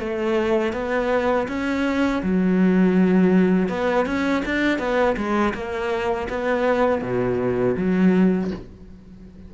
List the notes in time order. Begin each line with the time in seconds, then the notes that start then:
0.00 A3
0.73 B3
1.48 C#4
2.24 F#3
3.69 B3
4.06 C#4
4.45 D4
4.79 B3
5.17 G#3
5.54 A#3
6.29 B3
7.02 B2
7.77 F#3